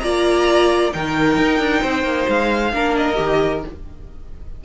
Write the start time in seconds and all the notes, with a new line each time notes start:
0.00 A#3 F4 D5 A#5
0.92 D#3 D#4 A#4 G5
1.38 D#4
1.59 D4
1.82 C4 C5
2.03 A#3
2.28 G#3 F5
2.73 A#3 D4 A#4
2.96 D#5
3.15 D#3 G4